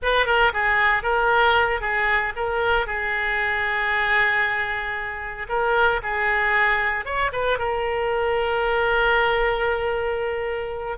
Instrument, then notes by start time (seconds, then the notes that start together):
oboe
0.02 B4
0.26 A#4
0.53 G#4
1.02 A#4
1.80 G#4
2.35 A#4
2.86 G#4
5.48 A#4
6.02 G#4
7.05 C#5
7.32 B4
7.58 A#4